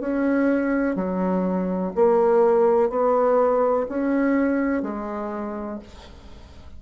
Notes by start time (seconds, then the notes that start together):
0.00 C#4
0.95 F#3
1.95 A#3
2.89 B3
3.88 C#4
4.82 G#3